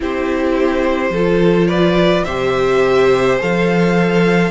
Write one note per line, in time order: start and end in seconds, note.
0.00 1.10 C4
0.00 1.13 E4
0.00 1.12 G4
0.00 1.67 C5
1.10 2.23 F3
1.10 2.26 F4
1.10 1.68 A4
1.67 2.24 B4
1.67 2.24 D5
2.24 3.40 C3
2.24 3.39 G4
2.24 4.51 C5
2.24 3.37 E5
3.39 4.51 F3
3.39 4.51 A4
3.39 4.51 F5